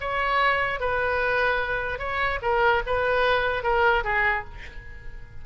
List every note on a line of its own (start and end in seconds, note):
0.00 0.80 C#5
0.80 1.99 B4
1.99 2.39 C#5
2.42 2.82 A#4
2.86 3.63 B4
3.63 4.03 A#4
4.04 4.44 G#4